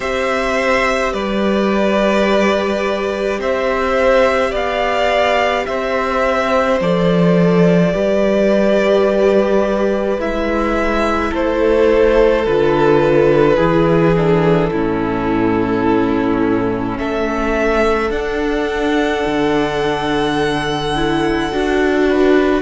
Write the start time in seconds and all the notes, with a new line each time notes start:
0.00 C4 G4 C5 E5
1.12 G3 B4 D5
3.38 C4 C5 E5
4.50 B3 D5 F5
5.66 C4 C5 E5
6.80 F3 A4 D5
7.91 G3 G4 B4
10.17 G#3 E4 E5
11.30 A3 A4 C5
12.45 D3 F4 B4
13.56 E3 E4 G#4
14.16 D4 A4
14.71 A2 C#4 E4
16.97 A3 A4 E5
18.10 D4 F#5
19.25 D3
20.95 E4
21.51 D4 F#4
22.08 B4